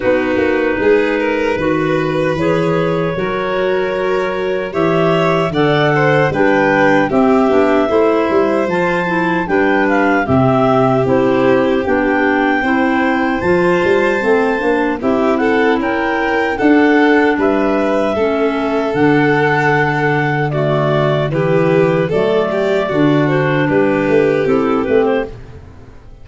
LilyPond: <<
  \new Staff \with { instrumentName = "clarinet" } { \time 4/4 \tempo 4 = 76 b'2. cis''4~ | cis''2 e''4 fis''4 | g''4 e''2 a''4 | g''8 f''8 e''4 c''4 g''4~ |
g''4 a''2 e''8 fis''8 | g''4 fis''4 e''2 | fis''2 d''4 b'4 | d''4. c''8 b'4 a'8 b'16 c''16 | }
  \new Staff \with { instrumentName = "violin" } { \time 4/4 fis'4 gis'8 ais'8 b'2 | ais'2 cis''4 d''8 c''8 | b'4 g'4 c''2 | b'4 g'2. |
c''2. g'8 a'8 | ais'4 a'4 b'4 a'4~ | a'2 fis'4 g'4 | a'8 g'8 fis'4 g'2 | }
  \new Staff \with { instrumentName = "clarinet" } { \time 4/4 dis'2 fis'4 gis'4 | fis'2 g'4 a'4 | d'4 c'8 d'8 e'4 f'8 e'8 | d'4 c'4 e'4 d'4 |
e'4 f'4 c'8 d'8 e'4~ | e'4 d'2 cis'4 | d'2 a4 e'4 | a4 d'2 e'8 c'8 | }
  \new Staff \with { instrumentName = "tuba" } { \time 4/4 b8 ais8 gis4 dis4 e4 | fis2 e4 d4 | g4 c'8 b8 a8 g8 f4 | g4 c4 c'4 b4 |
c'4 f8 g8 a8 ais8 c'4 | cis'4 d'4 g4 a4 | d2. e4 | fis4 d4 g8 a8 c'8 a8 | }
>>